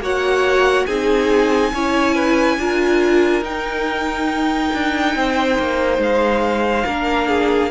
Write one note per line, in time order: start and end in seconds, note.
0.00 0.86 A#3
0.00 0.88 F#4
0.00 0.86 C#5
0.00 0.86 F#5
0.86 1.73 C4
0.86 1.74 D#4
0.86 1.72 G#4
0.86 3.43 G#5
1.74 2.57 C#4
1.74 2.61 E4
1.74 2.15 C#5
2.15 2.58 B4
2.57 3.42 D4
2.57 3.43 F4
2.57 5.16 A#4
3.42 4.71 D#4
3.42 6.86 D#4
3.42 6.02 G5
4.74 5.16 D4
5.16 5.59 C4
5.16 6.86 C5
5.59 5.98 A#3
5.98 6.84 G#3
5.98 7.71 F5
6.86 7.71 A#3
6.86 7.71 D4
6.86 7.28 A#4
7.28 7.71 G#4